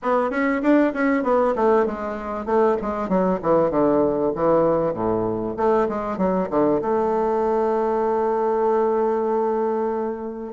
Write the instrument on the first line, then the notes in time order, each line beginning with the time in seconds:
bassoon
0.02 B3
0.30 C#4
0.62 D4
0.93 C#4
1.23 B3
1.55 A3
1.86 G#3
2.45 A3
2.81 G#3
3.08 F#3
3.42 E3
3.70 D3
4.35 E3
4.93 A2
5.56 A3
5.88 G#3
6.17 F#3
6.50 D3
6.81 A3